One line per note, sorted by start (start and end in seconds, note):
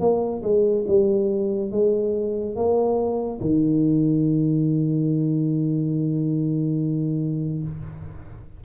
0.00 0.42 A#3
0.43 0.85 G#3
0.88 1.71 G3
1.71 2.55 G#3
2.55 3.40 A#3
3.41 7.63 D#3